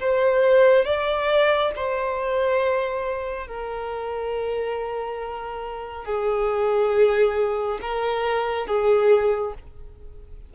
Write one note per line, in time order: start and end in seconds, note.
0.00 0.85 C5
0.85 1.72 D5
1.76 3.47 C5
3.47 6.05 A#4
6.05 7.79 G#4
7.82 8.67 A#4
8.67 9.54 G#4